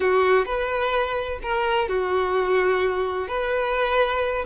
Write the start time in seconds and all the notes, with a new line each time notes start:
0.00 F#4
0.45 B4
1.42 A#4
1.88 F#4
3.27 B4